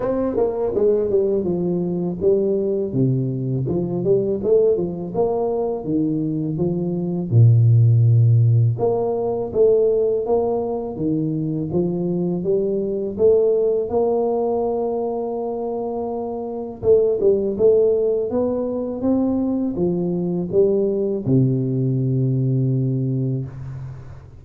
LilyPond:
\new Staff \with { instrumentName = "tuba" } { \time 4/4 \tempo 4 = 82 c'8 ais8 gis8 g8 f4 g4 | c4 f8 g8 a8 f8 ais4 | dis4 f4 ais,2 | ais4 a4 ais4 dis4 |
f4 g4 a4 ais4~ | ais2. a8 g8 | a4 b4 c'4 f4 | g4 c2. | }